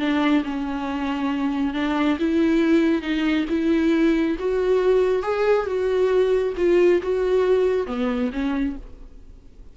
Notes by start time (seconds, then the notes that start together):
0.00 D4
0.44 C#4
1.74 D4
2.20 E4
3.02 D#4
3.50 E4
4.39 F#4
5.23 G#4
5.67 F#4
6.58 F4
7.03 F#4
7.87 B3
8.33 C#4